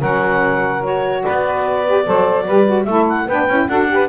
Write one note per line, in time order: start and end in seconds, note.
0.00 1.25 F#3
0.00 0.83 C#4
0.00 1.22 A#4
0.00 0.84 F#5
0.83 1.85 F#4
0.83 1.24 C#5
1.24 2.07 B3
1.24 2.06 B4
1.24 2.85 D5
1.87 2.05 G4
2.05 2.48 F#3
2.05 2.46 A4
2.05 2.45 C5
2.45 2.87 G3
2.45 2.66 G4
2.45 2.86 B4
2.66 2.87 F#4
2.85 3.28 A3
2.85 3.29 E4
2.85 3.27 A4
2.85 3.05 E5
3.09 3.29 F#5
3.27 3.48 B3
3.27 3.51 D4
3.27 3.68 B4
3.27 3.69 G5
3.48 3.69 C#4
3.48 3.70 E4
3.69 4.09 D4
3.69 3.88 F#4
3.69 3.90 A4
3.69 4.09 F#5
3.88 4.09 G4
3.88 4.09 B4